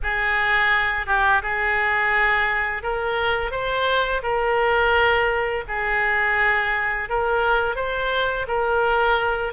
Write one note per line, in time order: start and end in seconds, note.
0.03 1.06 G#4
1.06 1.41 G4
1.42 2.82 G#4
2.82 3.51 A#4
3.51 4.21 C5
4.22 5.63 A#4
5.68 7.09 G#4
7.09 7.75 A#4
7.75 8.46 C5
8.47 9.53 A#4